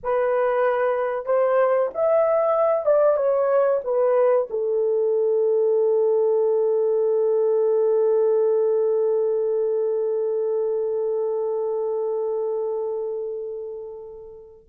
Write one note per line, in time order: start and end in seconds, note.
0.03 1.25 B4
1.25 1.89 C5
1.94 2.85 E5
2.85 3.16 D5
3.16 3.80 C#5
3.84 4.48 B4
4.50 14.68 A4